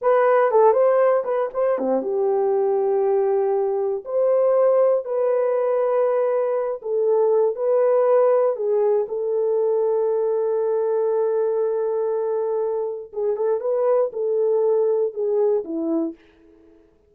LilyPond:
\new Staff \with { instrumentName = "horn" } { \time 4/4 \tempo 4 = 119 b'4 a'8 c''4 b'8 c''8 c'8 | g'1 | c''2 b'2~ | b'4. a'4. b'4~ |
b'4 gis'4 a'2~ | a'1~ | a'2 gis'8 a'8 b'4 | a'2 gis'4 e'4 | }